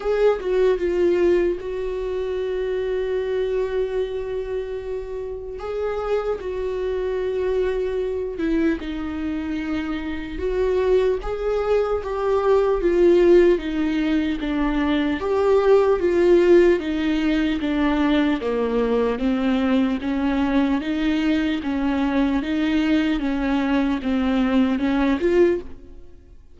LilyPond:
\new Staff \with { instrumentName = "viola" } { \time 4/4 \tempo 4 = 75 gis'8 fis'8 f'4 fis'2~ | fis'2. gis'4 | fis'2~ fis'8 e'8 dis'4~ | dis'4 fis'4 gis'4 g'4 |
f'4 dis'4 d'4 g'4 | f'4 dis'4 d'4 ais4 | c'4 cis'4 dis'4 cis'4 | dis'4 cis'4 c'4 cis'8 f'8 | }